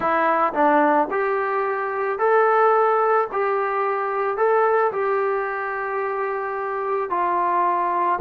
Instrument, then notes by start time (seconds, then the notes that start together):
trombone
0.00 E4
0.53 D4
1.10 G4
2.18 A4
3.32 G4
4.37 A4
4.91 G4
7.10 F4